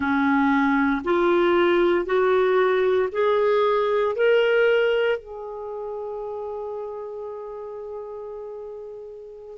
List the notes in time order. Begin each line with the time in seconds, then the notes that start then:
0.00 C#4
1.04 F4
2.05 F#4
3.12 G#4
4.15 A#4
5.18 G#4